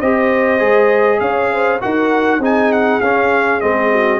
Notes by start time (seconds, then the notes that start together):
0.00 C4 G4 C5 D#5
0.59 G#3 G#4
1.20 C#4 C#5 F5
1.52 C5
1.81 D#4 F#4 A#4 F#5
2.39 C4 D#4 G#4 G#5
2.73 F#5
3.01 C#4 F5
3.61 G#3 C4 D#5
3.91 F#4